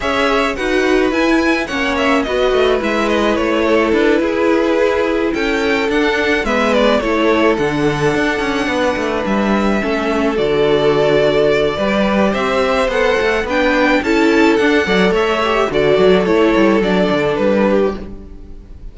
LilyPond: <<
  \new Staff \with { instrumentName = "violin" } { \time 4/4 \tempo 4 = 107 e''4 fis''4 gis''4 fis''8 e''8 | dis''4 e''8 dis''8 cis''4 b'4~ | b'4. g''4 fis''4 e''8 | d''8 cis''4 fis''2~ fis''8~ |
fis''8 e''2 d''4.~ | d''2 e''4 fis''4 | g''4 a''4 fis''4 e''4 | d''4 cis''4 d''4 b'4 | }
  \new Staff \with { instrumentName = "violin" } { \time 4/4 cis''4 b'2 cis''4 | b'2~ b'8 a'4 gis'8~ | gis'4. a'2 b'8~ | b'8 a'2. b'8~ |
b'4. a'2~ a'8~ | a'4 b'4 c''2 | b'4 a'4. d''8 cis''4 | a'2.~ a'8 g'8 | }
  \new Staff \with { instrumentName = "viola" } { \time 4/4 gis'4 fis'4 e'4 cis'4 | fis'4 e'2.~ | e'2~ e'8 d'4 b8~ | b8 e'4 d'2~ d'8~ |
d'4. cis'4 fis'4.~ | fis'4 g'2 a'4 | d'4 e'4 d'8 a'4 g'8 | fis'4 e'4 d'2 | }
  \new Staff \with { instrumentName = "cello" } { \time 4/4 cis'4 dis'4 e'4 ais4 | b8 a8 gis4 a4 d'8 e'8~ | e'4. cis'4 d'4 gis8~ | gis8 a4 d4 d'8 cis'8 b8 |
a8 g4 a4 d4.~ | d4 g4 c'4 b8 a8 | b4 cis'4 d'8 fis8 a4 | d8 fis8 a8 g8 fis8 d8 g4 | }
>>